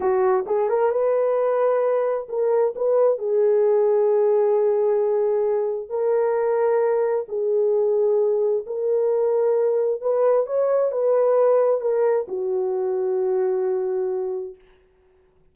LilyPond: \new Staff \with { instrumentName = "horn" } { \time 4/4 \tempo 4 = 132 fis'4 gis'8 ais'8 b'2~ | b'4 ais'4 b'4 gis'4~ | gis'1~ | gis'4 ais'2. |
gis'2. ais'4~ | ais'2 b'4 cis''4 | b'2 ais'4 fis'4~ | fis'1 | }